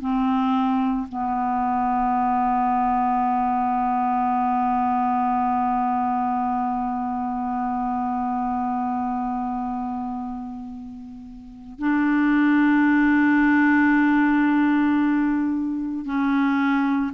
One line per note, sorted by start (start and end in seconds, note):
0.00 1.07 C4
1.08 11.79 B3
11.79 16.05 D4
16.05 17.12 C#4